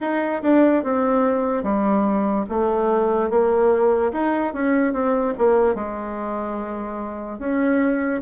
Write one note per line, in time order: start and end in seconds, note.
0.00 0.41 D#4
0.42 0.83 D4
0.83 1.63 C4
1.63 2.45 G3
2.49 3.30 A3
3.30 4.12 A#3
4.12 4.53 D#4
4.53 4.93 C#4
4.93 5.34 C4
5.38 5.74 A#3
5.74 7.39 G#3
7.39 8.21 C#4